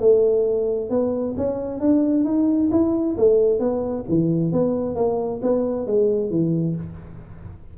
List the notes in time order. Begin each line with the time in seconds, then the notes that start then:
0.00 A3
0.90 B3
1.37 C#4
1.80 D4
2.25 D#4
2.71 E4
3.17 A3
3.59 B3
4.09 E3
4.53 B3
4.95 A#3
5.42 B3
5.87 G#3
6.30 E3